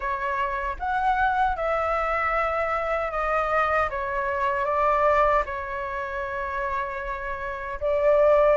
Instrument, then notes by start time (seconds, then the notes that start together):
flute
0.00 C#5
0.79 F#5
1.56 E5
3.11 D#5
3.90 C#5
4.65 D5
5.45 C#5
7.80 D5